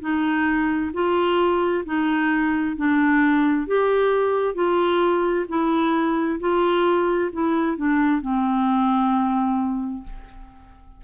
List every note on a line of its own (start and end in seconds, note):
0.00 0.91 D#4
0.93 1.84 F4
1.85 2.76 D#4
2.76 3.67 D4
3.67 4.54 G4
4.54 5.45 F4
5.48 6.39 E4
6.39 7.30 F4
7.32 7.76 E4
7.76 8.21 D4
8.21 10.03 C4